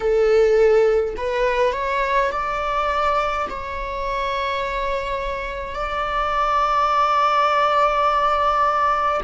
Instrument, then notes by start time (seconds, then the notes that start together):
viola
0.00 A4
1.16 B4
1.73 C#5
2.31 D5
3.49 C#5
5.74 D5